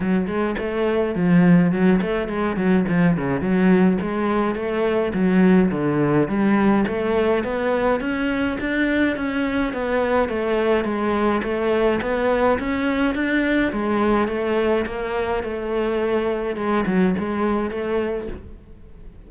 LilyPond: \new Staff \with { instrumentName = "cello" } { \time 4/4 \tempo 4 = 105 fis8 gis8 a4 f4 fis8 a8 | gis8 fis8 f8 cis8 fis4 gis4 | a4 fis4 d4 g4 | a4 b4 cis'4 d'4 |
cis'4 b4 a4 gis4 | a4 b4 cis'4 d'4 | gis4 a4 ais4 a4~ | a4 gis8 fis8 gis4 a4 | }